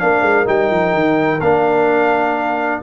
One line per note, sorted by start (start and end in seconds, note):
0.00 0.22 A#3
0.00 0.46 D4
0.00 2.83 A#4
0.00 0.47 F5
0.22 0.46 G#3
0.46 0.71 G3
0.46 1.40 D#4
0.46 1.41 G5
0.71 0.94 F3
0.94 1.41 D#3
1.41 2.82 A#3
1.41 2.83 D4
1.41 2.82 F5